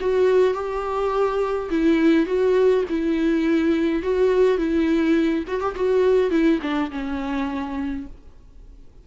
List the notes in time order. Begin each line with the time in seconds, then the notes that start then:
0.00 F#4
0.54 G4
1.70 E4
2.26 F#4
2.90 E4
4.03 F#4
4.58 E4
5.47 F#4
5.60 G4
5.75 F#4
6.31 E4
6.62 D4
6.91 C#4